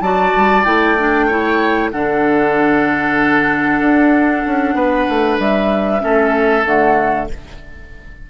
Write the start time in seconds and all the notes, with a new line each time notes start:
0.00 F#3 F#4 D5 A5
0.36 G3
0.64 A3 E4 G5
0.98 D4
1.26 E4 C#5
1.90 D3 D4 A4 F#5
3.80 D4
4.46 C#4
4.74 B3 B4
5.09 A3
5.38 G3 E5
6.00 A3 C#4 A4
6.64 D3 A3 F#5